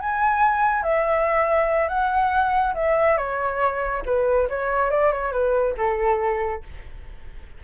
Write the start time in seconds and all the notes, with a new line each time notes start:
0.00 G#5
0.83 E5
1.89 F#5
2.75 E5
3.17 C#5
4.06 B4
4.49 C#5
4.91 D5
5.12 C#5
5.32 B4
5.78 A4